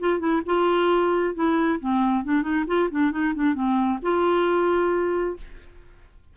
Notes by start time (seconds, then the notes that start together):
0.00 F4
0.20 E4
0.46 F4
1.35 E4
1.80 C4
2.24 D4
2.43 D#4
2.67 F4
2.91 D4
3.11 D#4
3.35 D4
3.55 C4
4.02 F4